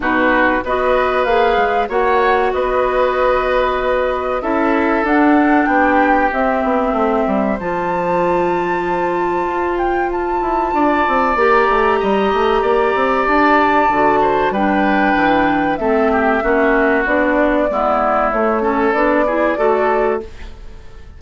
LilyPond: <<
  \new Staff \with { instrumentName = "flute" } { \time 4/4 \tempo 4 = 95 b'4 dis''4 f''4 fis''4 | dis''2. e''4 | fis''4 g''4 e''2 | a''2.~ a''8 g''8 |
a''2 ais''2~ | ais''4 a''2 g''4~ | g''4 e''2 d''4~ | d''4 cis''4 d''2 | }
  \new Staff \with { instrumentName = "oboe" } { \time 4/4 fis'4 b'2 cis''4 | b'2. a'4~ | a'4 g'2 c''4~ | c''1~ |
c''4 d''2 dis''4 | d''2~ d''8 c''8 b'4~ | b'4 a'8 g'8 fis'2 | e'4. a'4 gis'8 a'4 | }
  \new Staff \with { instrumentName = "clarinet" } { \time 4/4 dis'4 fis'4 gis'4 fis'4~ | fis'2. e'4 | d'2 c'2 | f'1~ |
f'2 g'2~ | g'2 fis'4 d'4~ | d'4 c'4 cis'4 d'4 | b4 a8 cis'8 d'8 e'8 fis'4 | }
  \new Staff \with { instrumentName = "bassoon" } { \time 4/4 b,4 b4 ais8 gis8 ais4 | b2. cis'4 | d'4 b4 c'8 b8 a8 g8 | f2. f'4~ |
f'8 e'8 d'8 c'8 ais8 a8 g8 a8 | ais8 c'8 d'4 d4 g4 | e4 a4 ais4 b4 | gis4 a4 b4 a4 | }
>>